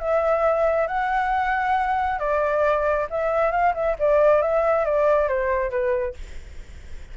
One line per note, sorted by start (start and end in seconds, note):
0.00 0.88 E5
0.88 2.19 F#5
2.19 3.08 D5
3.11 3.52 E5
3.52 3.74 F5
3.75 3.97 E5
3.99 4.42 D5
4.42 4.86 E5
4.86 5.29 D5
5.29 5.71 C5
5.71 6.15 B4